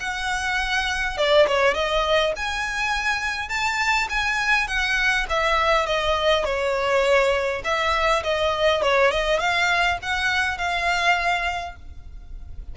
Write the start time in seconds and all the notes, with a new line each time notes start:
0.00 F#5
1.17 D5
1.48 C#5
1.74 D#5
2.36 G#5
3.49 A5
4.10 G#5
4.68 F#5
5.29 E5
5.86 D#5
6.45 C#5
7.64 E5
8.24 D#5
8.82 C#5
9.11 D#5
9.40 F5
10.02 F#5
10.58 F5